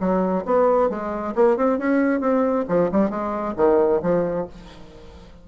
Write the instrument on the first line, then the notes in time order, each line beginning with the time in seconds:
bassoon
0.00 F#3
0.45 B3
0.89 G#3
1.35 A#3
1.57 C4
1.78 C#4
2.20 C4
2.68 F3
2.92 G3
3.10 G#3
3.57 D#3
4.02 F3